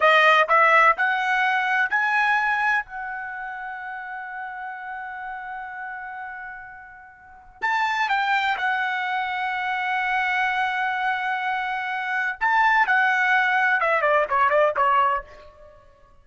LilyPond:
\new Staff \with { instrumentName = "trumpet" } { \time 4/4 \tempo 4 = 126 dis''4 e''4 fis''2 | gis''2 fis''2~ | fis''1~ | fis''1 |
a''4 g''4 fis''2~ | fis''1~ | fis''2 a''4 fis''4~ | fis''4 e''8 d''8 cis''8 d''8 cis''4 | }